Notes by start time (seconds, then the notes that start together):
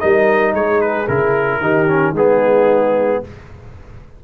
0.00 G3 D#4 A#4 D#5
0.54 G#3 G#4 C#5
0.81 B4
1.08 C#3 E4 A#4
1.61 D#3 D#4 G4
1.88 C#4
2.13 G#3 B3 D#4 G#4